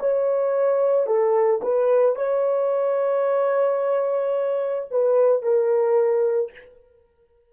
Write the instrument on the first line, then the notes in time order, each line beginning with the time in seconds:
horn
0.00 C#5
1.07 A4
1.62 B4
2.16 C#5
4.91 B4
5.42 A#4